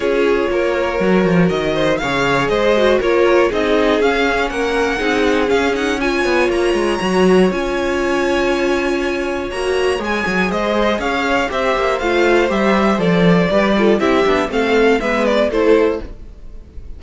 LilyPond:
<<
  \new Staff \with { instrumentName = "violin" } { \time 4/4 \tempo 4 = 120 cis''2. dis''4 | f''4 dis''4 cis''4 dis''4 | f''4 fis''2 f''8 fis''8 | gis''4 ais''2 gis''4~ |
gis''2. ais''4 | gis''4 dis''4 f''4 e''4 | f''4 e''4 d''2 | e''4 f''4 e''8 d''8 c''4 | }
  \new Staff \with { instrumentName = "violin" } { \time 4/4 gis'4 ais'2~ ais'8 c''8 | cis''4 c''4 ais'4 gis'4~ | gis'4 ais'4 gis'2 | cis''1~ |
cis''1~ | cis''4 c''4 cis''4 c''4~ | c''2. b'8 a'8 | g'4 a'4 b'4 a'4 | }
  \new Staff \with { instrumentName = "viola" } { \time 4/4 f'2 fis'2 | gis'4. fis'8 f'4 dis'4 | cis'2 dis'4 cis'8 dis'8 | f'2 fis'4 f'4~ |
f'2. fis'4 | gis'2. g'4 | f'4 g'4 a'4 g'8 f'8 | e'8 d'8 c'4 b4 e'4 | }
  \new Staff \with { instrumentName = "cello" } { \time 4/4 cis'4 ais4 fis8 f8 dis4 | cis4 gis4 ais4 c'4 | cis'4 ais4 c'4 cis'4~ | cis'8 b8 ais8 gis8 fis4 cis'4~ |
cis'2. ais4 | gis8 fis8 gis4 cis'4 c'8 ais8 | a4 g4 f4 g4 | c'8 b8 a4 gis4 a4 | }
>>